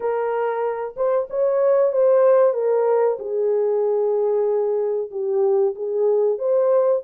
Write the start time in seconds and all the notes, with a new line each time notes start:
0.00 A#4
0.96 C5
1.29 C#5
1.92 C5
2.53 A#4
3.19 G#4
5.10 G4
5.75 G#4
6.38 C5